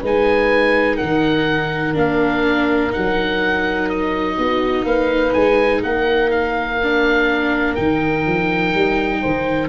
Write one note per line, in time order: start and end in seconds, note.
0.00 0.99 G#3
0.00 1.93 D#4
0.00 0.96 B4
0.06 0.97 G#5
0.96 1.95 D#3
0.96 4.35 A#4
0.96 1.93 F#5
1.93 2.92 A#3
1.93 2.90 D4
1.93 2.93 F5
2.90 6.77 D#4
2.90 3.89 F#5
2.97 4.37 F#3
3.89 4.85 D#5
4.37 4.83 B3
4.37 4.84 F#4
4.83 5.32 A#3
4.83 5.81 B4
4.83 5.33 F5
5.33 5.83 G#3
5.33 5.81 G#5
5.83 7.77 A#3
5.83 9.21 A#4
5.83 6.30 F#5
6.30 7.74 F5
6.83 7.76 D4
7.74 8.26 D#3
7.74 9.69 D#4
7.74 9.68 G5
8.26 8.74 F3
8.74 9.22 G3
9.21 9.69 D#3
9.21 9.69 C5